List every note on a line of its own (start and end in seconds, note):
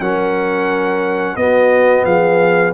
0.00 1.36 F#3
0.00 1.38 C#4
0.00 1.37 A#4
0.00 1.37 F#5
1.36 2.05 B3
1.36 2.74 B3
1.36 2.06 F#4
1.36 2.05 D#5
2.05 2.73 F3
2.05 2.74 G#4
2.05 2.74 F5